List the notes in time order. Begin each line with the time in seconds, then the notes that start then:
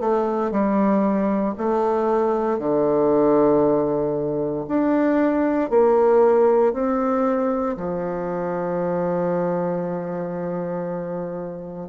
0.00 A3
0.51 G3
1.57 A3
2.59 D3
4.68 D4
5.70 A#3
6.73 C4
7.77 F3